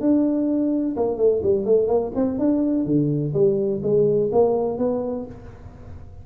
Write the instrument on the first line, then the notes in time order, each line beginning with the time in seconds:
tuba
0.00 D4
0.96 A#3
1.17 A3
1.43 G3
1.65 A3
1.88 A#3
2.15 C4
2.39 D4
2.85 D3
3.34 G3
3.83 G#3
4.32 A#3
4.78 B3